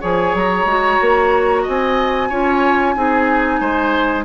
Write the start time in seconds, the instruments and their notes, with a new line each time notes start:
0.00 bassoon F3, clarinet G#4, oboe C#5, flute G#5
0.34 bassoon F#3, flute A#5
0.65 bassoon G#3, clarinet F#4
1.01 bassoon A#3
1.62 bassoon C4, oboe D#5, flute G#5
2.29 bassoon C#4, clarinet F4, oboe C#5
2.96 bassoon C4, clarinet D#4, oboe G#4
3.60 bassoon G#3, oboe C5